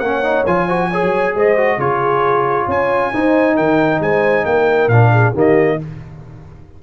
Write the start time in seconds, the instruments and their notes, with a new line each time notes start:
0.00 tuba A#3, trombone C#4, horn C#5, trumpet F#5
0.23 trombone D#4
0.47 tuba F3, trombone F4, trumpet G#5
0.66 trombone F#4, horn C5
0.90 trombone G#4, horn C#5
1.03 tuba F#3
1.35 tuba G#3, horn C5, trumpet D#5
1.58 trombone F#4
1.78 tuba C#3, trombone F4, horn G#4, trumpet C#5
2.66 tuba C#4, horn C#5, trumpet G#5
3.13 trombone D#4, tuba D#4, horn C5
3.56 tuba D#3, horn A#4, trumpet G5
4.01 tuba G#3, horn C5, trumpet G#5
4.46 tuba A#3, horn A#4, trumpet G5
4.88 tuba A#2, trombone D4, trumpet F5
5.12 horn G#4
5.34 tuba D#3, trombone A#3, horn G4, trumpet D#5